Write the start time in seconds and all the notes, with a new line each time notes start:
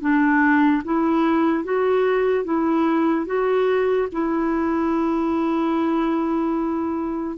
0.00 D4
0.84 E4
1.64 F#4
2.44 E4
3.26 F#4
4.12 E4